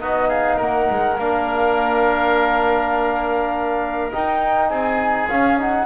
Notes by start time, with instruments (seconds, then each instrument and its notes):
0.00 double bass B3, trombone D#4, oboe F#4, flute D#5
0.28 oboe G#4, flute F5
0.56 double bass A#3, oboe A#4, flute F#5
0.90 double bass G#3
1.18 double bass A#3, trombone D4, flute F5
4.12 trombone D#4, double bass D#4, flute G5
4.69 double bass C4, oboe G#4, flute G#5
5.28 double bass C#4, trombone C#4, flute F5
5.58 trombone D#4, flute F#5